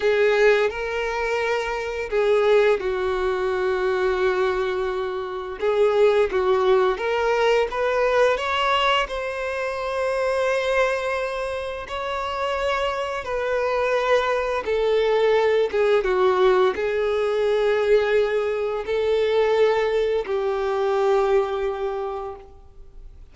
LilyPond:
\new Staff \with { instrumentName = "violin" } { \time 4/4 \tempo 4 = 86 gis'4 ais'2 gis'4 | fis'1 | gis'4 fis'4 ais'4 b'4 | cis''4 c''2.~ |
c''4 cis''2 b'4~ | b'4 a'4. gis'8 fis'4 | gis'2. a'4~ | a'4 g'2. | }